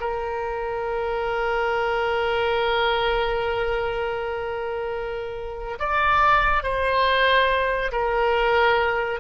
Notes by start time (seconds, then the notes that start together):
0.00 A#4
5.79 D5
6.63 C5
7.92 A#4